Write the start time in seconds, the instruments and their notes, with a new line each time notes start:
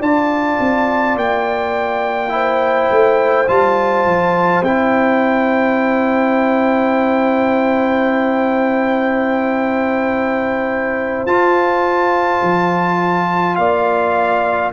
0.00 tuba D4, trombone F4, horn D5, trumpet A5
0.60 tuba C4
1.16 tuba A#3, trumpet G5
2.30 trombone E4, horn C5
2.91 tuba A3
3.48 tuba G3, trombone F4, trumpet A5
4.05 tuba F3
4.62 tuba C4, trombone E4, trumpet G5
11.26 tuba F4, trombone F4, trumpet A5
12.43 tuba F3
13.56 tuba A#3, horn D5, trumpet F5